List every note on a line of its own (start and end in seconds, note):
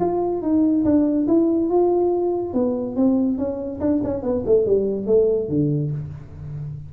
0.00 0.42 F4
0.42 0.84 D#4
0.85 1.27 D4
1.28 1.69 E4
1.69 2.54 F4
2.54 2.96 B3
2.96 3.38 C4
3.38 3.80 C#4
3.80 4.01 D4
4.04 4.23 C#4
4.23 4.44 B3
4.46 4.66 A3
4.66 5.06 G3
5.06 5.49 A3
5.49 5.91 D3